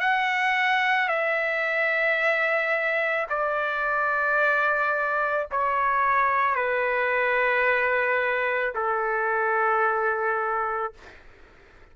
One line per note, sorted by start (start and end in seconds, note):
0.00 1.09 F#5
1.09 3.27 E5
3.30 5.48 D5
5.51 6.56 C#5
6.56 8.74 B4
8.75 10.93 A4